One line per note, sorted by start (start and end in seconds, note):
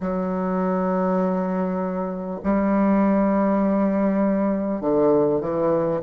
0.00 2.40 F#3
2.43 4.81 G3
4.81 5.41 D3
5.41 6.01 E3